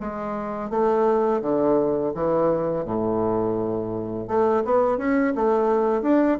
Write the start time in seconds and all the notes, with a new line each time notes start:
0.00 G#3
0.70 A3
1.41 D3
2.14 E3
2.84 A2
4.27 A3
4.65 B3
4.97 C#4
5.35 A3
6.02 D4